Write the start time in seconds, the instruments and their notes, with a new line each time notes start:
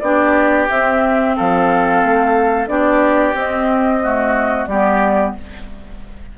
0.00 bassoon B3, clarinet D4, oboe G4, flute D5
0.70 clarinet C4, bassoon C4, flute E5
1.36 bassoon F3, oboe A4, flute F5
2.04 bassoon A3
2.68 bassoon B3, clarinet D4, oboe G4, flute D5
3.34 bassoon C4, clarinet C4, flute D#5
4.02 clarinet A3, oboe F#4
4.66 bassoon G3, clarinet B3, oboe G4, flute D5